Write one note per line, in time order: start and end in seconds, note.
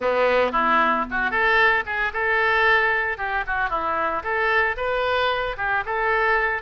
0.00 0.52 B3
0.52 1.05 E4
1.10 1.31 F#4
1.31 1.84 A4
1.86 2.12 G#4
2.13 3.17 A4
3.17 3.44 G4
3.46 3.69 F#4
3.69 4.22 E4
4.23 4.76 A4
4.76 5.56 B4
5.57 5.84 G4
5.85 6.62 A4